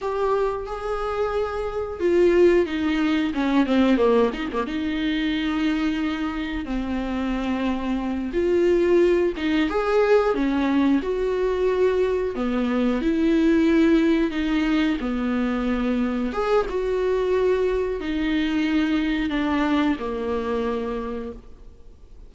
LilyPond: \new Staff \with { instrumentName = "viola" } { \time 4/4 \tempo 4 = 90 g'4 gis'2 f'4 | dis'4 cis'8 c'8 ais8 dis'16 ais16 dis'4~ | dis'2 c'2~ | c'8 f'4. dis'8 gis'4 cis'8~ |
cis'8 fis'2 b4 e'8~ | e'4. dis'4 b4.~ | b8 gis'8 fis'2 dis'4~ | dis'4 d'4 ais2 | }